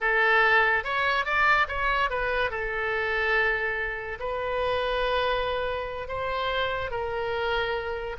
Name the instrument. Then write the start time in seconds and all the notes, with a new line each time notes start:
oboe
0.00 A4
0.84 C#5
1.25 D5
1.67 C#5
2.09 B4
2.50 A4
4.19 B4
6.07 C5
6.90 A#4